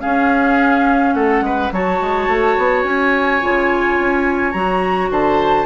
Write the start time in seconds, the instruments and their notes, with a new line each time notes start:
0.00 clarinet C#4, bassoon C#4, oboe G#4, flute F5
1.13 bassoon A3, oboe A4, flute F#5
1.40 bassoon G#3, oboe B4
1.71 bassoon F#3, clarinet F#4, oboe C#5, flute A5
2.00 bassoon G#3
2.27 bassoon A3
2.58 bassoon B3
2.83 bassoon C#4, flute G#5
3.41 bassoon C#3, clarinet F4
3.99 bassoon C#4
4.51 bassoon F#3, clarinet F#4, flute A#5
5.10 bassoon D3, oboe C5, flute A5